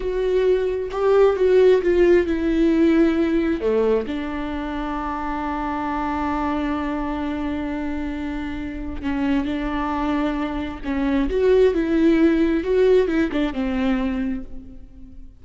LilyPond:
\new Staff \with { instrumentName = "viola" } { \time 4/4 \tempo 4 = 133 fis'2 g'4 fis'4 | f'4 e'2. | a4 d'2.~ | d'1~ |
d'1 | cis'4 d'2. | cis'4 fis'4 e'2 | fis'4 e'8 d'8 c'2 | }